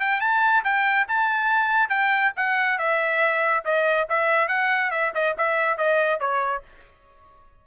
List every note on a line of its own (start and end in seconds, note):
0.00 0.21 G5
0.21 0.64 A5
0.64 1.07 G5
1.08 1.90 A5
1.90 2.32 G5
2.37 2.79 F#5
2.79 3.64 E5
3.65 4.08 D#5
4.09 4.48 E5
4.48 4.91 F#5
4.91 5.13 E5
5.15 5.36 D#5
5.38 5.78 E5
5.78 6.20 D#5
6.20 6.63 C#5